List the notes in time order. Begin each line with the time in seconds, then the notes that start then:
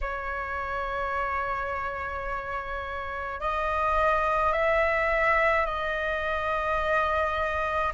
0.01 C#5
3.40 D#5
4.53 E5
5.66 D#5